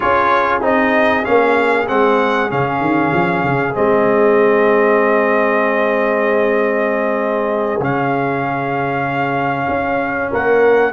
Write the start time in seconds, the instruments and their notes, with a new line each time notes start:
0.00 tuba C#4, trombone F4, horn G#4, trumpet C#5
0.61 tuba C4, trombone D#4, trumpet D#5
1.24 tuba A#3, trombone C#4, trumpet F5
1.87 tuba G#3, trombone C4, trumpet F#5
2.49 tuba C#3, trombone C#4, trumpet F5
2.80 tuba D#3
3.13 tuba F3
3.43 tuba C#3
3.74 tuba G#3, trombone C4, trumpet D#5
7.79 tuba C#3, trombone C#4, trumpet F5
9.68 tuba C#4
10.31 tuba A#3, horn A#4, trumpet F#5